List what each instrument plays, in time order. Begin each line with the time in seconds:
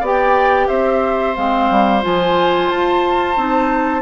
0.00 bassoon B3, clarinet G4, oboe D5
0.06 flute G5
0.68 bassoon C4, oboe C5, flute E5
1.36 bassoon G#3, clarinet C4, flute F5
1.70 bassoon G3
2.02 bassoon F3, clarinet F4, flute G#5
2.70 bassoon F4, flute A5
3.36 bassoon C4, clarinet D#4